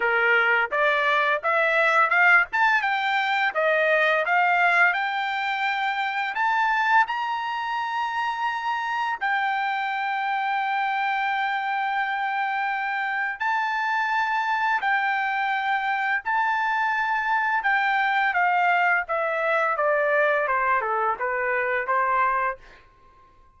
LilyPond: \new Staff \with { instrumentName = "trumpet" } { \time 4/4 \tempo 4 = 85 ais'4 d''4 e''4 f''8 a''8 | g''4 dis''4 f''4 g''4~ | g''4 a''4 ais''2~ | ais''4 g''2.~ |
g''2. a''4~ | a''4 g''2 a''4~ | a''4 g''4 f''4 e''4 | d''4 c''8 a'8 b'4 c''4 | }